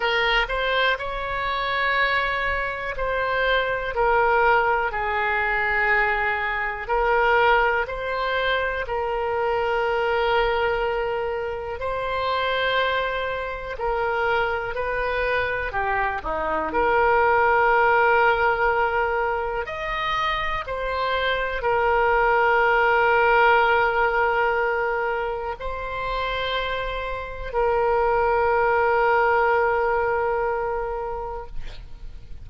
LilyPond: \new Staff \with { instrumentName = "oboe" } { \time 4/4 \tempo 4 = 61 ais'8 c''8 cis''2 c''4 | ais'4 gis'2 ais'4 | c''4 ais'2. | c''2 ais'4 b'4 |
g'8 dis'8 ais'2. | dis''4 c''4 ais'2~ | ais'2 c''2 | ais'1 | }